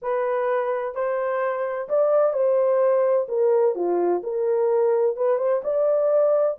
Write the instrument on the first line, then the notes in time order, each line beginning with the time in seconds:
horn
0.01 B4
0.94 C5
1.89 D5
2.33 C5
3.28 A#4
3.75 F4
4.23 A#4
5.16 B4
5.38 C5
5.63 D5